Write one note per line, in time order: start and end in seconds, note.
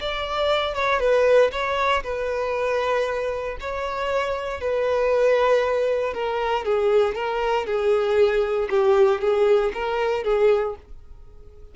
0.00 0.75 D5
0.75 1.00 C#5
1.00 1.51 B4
1.52 2.03 C#5
2.03 3.57 B4
3.60 4.60 C#5
4.60 6.14 B4
6.14 6.65 A#4
6.65 7.15 G#4
7.15 7.66 A#4
7.66 8.69 G#4
8.70 9.21 G4
9.21 9.72 G#4
9.74 10.24 A#4
10.24 10.75 G#4